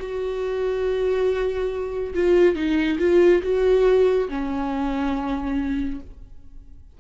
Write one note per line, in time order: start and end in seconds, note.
0.00 2.14 F#4
2.14 2.56 F4
2.56 2.98 D#4
2.99 3.42 F4
3.43 4.29 F#4
4.29 6.00 C#4